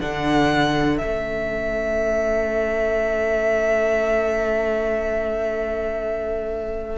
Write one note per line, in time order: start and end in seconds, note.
0.00 1.02 D3
0.00 1.00 D4
0.00 6.98 A4
0.00 0.98 F#5
0.98 6.98 A3
0.98 6.98 C#4
0.98 6.98 E5